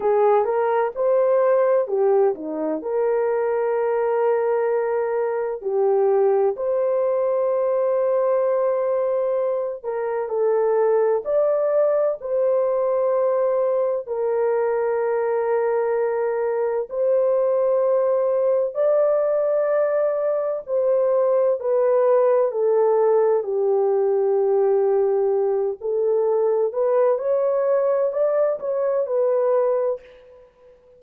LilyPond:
\new Staff \with { instrumentName = "horn" } { \time 4/4 \tempo 4 = 64 gis'8 ais'8 c''4 g'8 dis'8 ais'4~ | ais'2 g'4 c''4~ | c''2~ c''8 ais'8 a'4 | d''4 c''2 ais'4~ |
ais'2 c''2 | d''2 c''4 b'4 | a'4 g'2~ g'8 a'8~ | a'8 b'8 cis''4 d''8 cis''8 b'4 | }